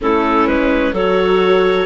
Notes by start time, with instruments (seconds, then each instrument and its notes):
0.00 bassoon A3, viola C#4, clarinet E4 A4
0.47 bassoon G#3, clarinet B4
0.92 bassoon F#3, viola F#4, clarinet A4 C#5